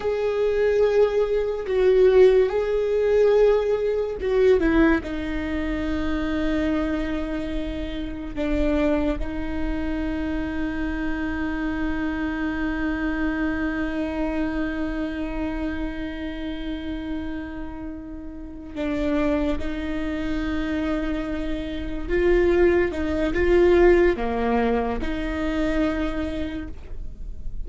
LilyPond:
\new Staff \with { instrumentName = "viola" } { \time 4/4 \tempo 4 = 72 gis'2 fis'4 gis'4~ | gis'4 fis'8 e'8 dis'2~ | dis'2 d'4 dis'4~ | dis'1~ |
dis'1~ | dis'2~ dis'8 d'4 dis'8~ | dis'2~ dis'8 f'4 dis'8 | f'4 ais4 dis'2 | }